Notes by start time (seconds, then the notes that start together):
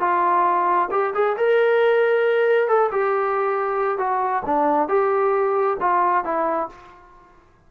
0.00 F4
0.91 G4
1.14 G#4
1.37 A#4
2.68 A4
2.92 G4
3.98 F#4
4.45 D4
4.88 G4
5.80 F4
6.24 E4